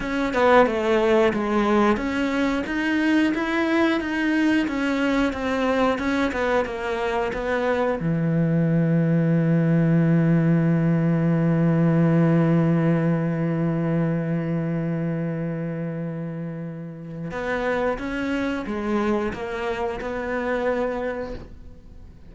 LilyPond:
\new Staff \with { instrumentName = "cello" } { \time 4/4 \tempo 4 = 90 cis'8 b8 a4 gis4 cis'4 | dis'4 e'4 dis'4 cis'4 | c'4 cis'8 b8 ais4 b4 | e1~ |
e1~ | e1~ | e2 b4 cis'4 | gis4 ais4 b2 | }